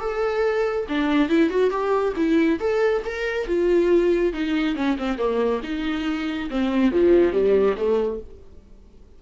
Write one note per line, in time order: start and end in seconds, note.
0.00 0.86 A4
0.88 1.29 D4
1.29 1.50 E4
1.50 1.70 F#4
1.70 2.13 G4
2.16 2.59 E4
2.60 3.03 A4
3.05 3.47 A#4
3.47 4.33 F4
4.33 4.75 D#4
4.75 4.97 C#4
4.98 5.18 C4
5.18 5.61 A#3
5.63 6.49 D#4
6.50 6.92 C4
6.92 7.32 F3
7.32 7.75 G3
7.76 8.20 A3